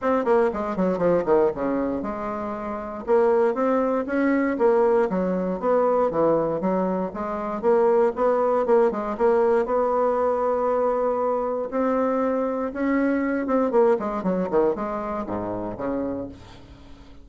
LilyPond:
\new Staff \with { instrumentName = "bassoon" } { \time 4/4 \tempo 4 = 118 c'8 ais8 gis8 fis8 f8 dis8 cis4 | gis2 ais4 c'4 | cis'4 ais4 fis4 b4 | e4 fis4 gis4 ais4 |
b4 ais8 gis8 ais4 b4~ | b2. c'4~ | c'4 cis'4. c'8 ais8 gis8 | fis8 dis8 gis4 gis,4 cis4 | }